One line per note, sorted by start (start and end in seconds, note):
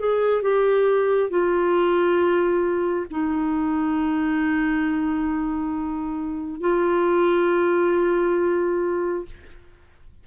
0.00 0.43 G#4
0.43 1.30 G4
1.30 3.07 F4
3.11 6.61 D#4
6.61 9.26 F4